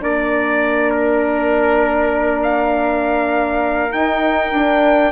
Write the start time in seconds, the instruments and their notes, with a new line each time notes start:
0.00 bassoon A#3, horn D4, flute A#4, trumpet D5
0.90 trumpet A#4
2.42 trumpet F5
3.90 horn D#4, bassoon D#4, trumpet G5
4.52 bassoon D4, horn D4